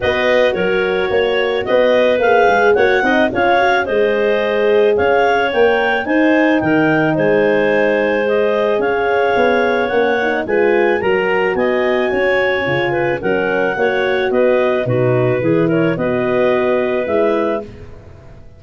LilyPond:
<<
  \new Staff \with { instrumentName = "clarinet" } { \time 4/4 \tempo 4 = 109 dis''4 cis''2 dis''4 | f''4 fis''4 f''4 dis''4~ | dis''4 f''4 g''4 gis''4 | g''4 gis''2 dis''4 |
f''2 fis''4 gis''4 | ais''4 gis''2. | fis''2 dis''4 b'4~ | b'8 cis''8 dis''2 e''4 | }
  \new Staff \with { instrumentName = "clarinet" } { \time 4/4 b'4 ais'4 cis''4 b'4~ | b'4 cis''8 dis''8 cis''4 c''4~ | c''4 cis''2 c''4 | ais'4 c''2. |
cis''2. b'4 | ais'4 dis''4 cis''4. b'8 | ais'4 cis''4 b'4 fis'4 | gis'8 ais'8 b'2. | }
  \new Staff \with { instrumentName = "horn" } { \time 4/4 fis'1 | gis'4 fis'8 dis'8 f'8 fis'8 gis'4~ | gis'2 ais'4 dis'4~ | dis'2. gis'4~ |
gis'2 cis'8 dis'8 f'4 | fis'2. f'4 | cis'4 fis'2 dis'4 | e'4 fis'2 e'4 | }
  \new Staff \with { instrumentName = "tuba" } { \time 4/4 b4 fis4 ais4 b4 | ais8 gis8 ais8 c'8 cis'4 gis4~ | gis4 cis'4 ais4 dis'4 | dis4 gis2. |
cis'4 b4 ais4 gis4 | fis4 b4 cis'4 cis4 | fis4 ais4 b4 b,4 | e4 b2 gis4 | }
>>